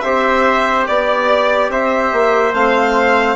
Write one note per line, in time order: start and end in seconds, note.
0.00 0.87 C4
0.00 2.54 G4
0.00 0.87 C5
0.00 0.83 E5
0.86 1.69 B3
0.86 1.70 D5
1.69 2.11 C4
1.69 3.36 C5
1.69 2.54 E5
2.12 2.53 A#3
2.53 3.36 A3
2.53 3.36 C4
2.53 3.36 F5